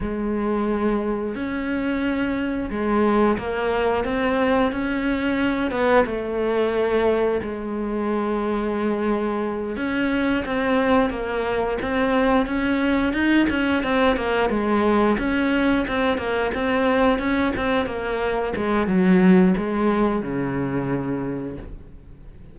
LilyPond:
\new Staff \with { instrumentName = "cello" } { \time 4/4 \tempo 4 = 89 gis2 cis'2 | gis4 ais4 c'4 cis'4~ | cis'8 b8 a2 gis4~ | gis2~ gis8 cis'4 c'8~ |
c'8 ais4 c'4 cis'4 dis'8 | cis'8 c'8 ais8 gis4 cis'4 c'8 | ais8 c'4 cis'8 c'8 ais4 gis8 | fis4 gis4 cis2 | }